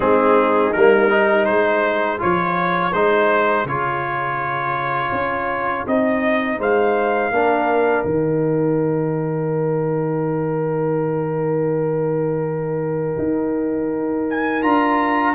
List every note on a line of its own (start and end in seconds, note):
0.00 0.71 G#3
0.00 0.73 C4
0.00 1.46 D#4
0.00 0.73 G#4
0.73 1.48 G3
0.73 1.09 A#3
0.73 1.45 A#4
1.09 2.18 D#4
1.45 2.21 G#3
1.45 6.58 G#4
1.45 2.18 C5
2.18 2.92 F3
2.18 2.91 F4
2.18 2.93 C#5
2.92 3.64 G#3
2.92 3.67 D#4
2.92 3.66 C5
3.64 5.11 C#3
3.64 5.87 F4
3.64 5.87 C#5
5.11 5.84 C#4
5.86 6.58 C4
5.86 7.33 D#4
5.86 6.60 D#5
6.58 7.30 G#3
6.58 7.31 C5
6.58 8.05 F5
7.30 8.04 A#3
7.30 8.05 D4
7.30 15.35 A#4
8.05 13.17 D#3
8.05 14.61 D#4
8.05 14.27 G5
13.18 14.64 D#4
14.30 14.62 G#5
14.61 15.35 D4
14.61 15.35 F4
14.61 15.35 A#5